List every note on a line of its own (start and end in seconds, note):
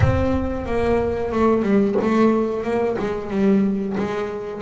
0.00 0.66 C4
0.66 1.32 A#3
1.32 1.62 A3
1.62 1.95 G3
2.01 2.63 A3
2.63 2.96 A#3
2.99 3.30 G#3
3.30 3.96 G3
3.97 4.61 G#3